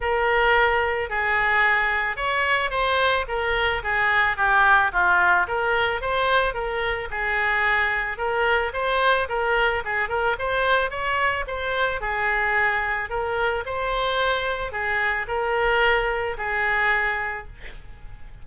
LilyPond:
\new Staff \with { instrumentName = "oboe" } { \time 4/4 \tempo 4 = 110 ais'2 gis'2 | cis''4 c''4 ais'4 gis'4 | g'4 f'4 ais'4 c''4 | ais'4 gis'2 ais'4 |
c''4 ais'4 gis'8 ais'8 c''4 | cis''4 c''4 gis'2 | ais'4 c''2 gis'4 | ais'2 gis'2 | }